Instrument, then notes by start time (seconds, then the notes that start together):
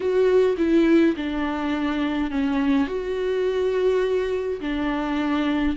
viola
0.00 F#4
0.57 E4
1.16 D4
2.30 C#4
2.87 F#4
4.60 D4